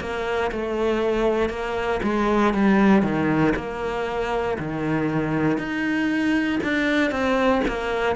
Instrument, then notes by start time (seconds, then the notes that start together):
cello
0.00 A#3
0.51 A3
1.49 A#3
2.03 G#3
2.53 G3
3.02 D#3
3.56 A#3
4.59 D#3
5.57 D#4
6.63 D4
7.10 C4
7.68 A#3